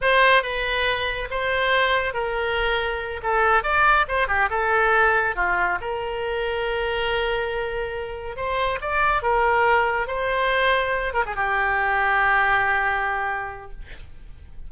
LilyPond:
\new Staff \with { instrumentName = "oboe" } { \time 4/4 \tempo 4 = 140 c''4 b'2 c''4~ | c''4 ais'2~ ais'8 a'8~ | a'8 d''4 c''8 g'8 a'4.~ | a'8 f'4 ais'2~ ais'8~ |
ais'2.~ ais'8 c''8~ | c''8 d''4 ais'2 c''8~ | c''2 ais'16 gis'16 g'4.~ | g'1 | }